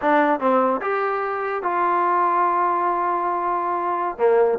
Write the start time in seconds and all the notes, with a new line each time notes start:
0.01 D4
0.40 C4
0.81 G4
1.62 F4
4.18 A#3